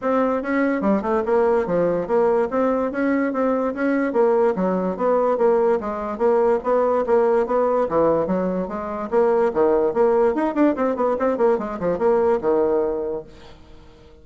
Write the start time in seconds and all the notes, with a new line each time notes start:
0.01 C4
0.42 C#4
0.81 G3
1.02 A3
1.25 A#3
1.66 F3
2.07 A#3
2.50 C4
2.91 C#4
3.32 C4
3.74 C#4
4.13 A#3
4.55 F#3
4.96 B3
5.37 A#3
5.80 G#3
6.17 A#3
6.63 B3
7.06 A#3
7.46 B3
7.88 E3
8.27 F#3
8.67 G#3
9.10 A#3
9.53 D#3
9.93 A#3
10.34 D#4
10.54 D4
10.75 C4
10.96 B3
11.19 C4
11.37 A#3
11.58 G#3
11.79 F3
11.98 A#3
12.41 D#3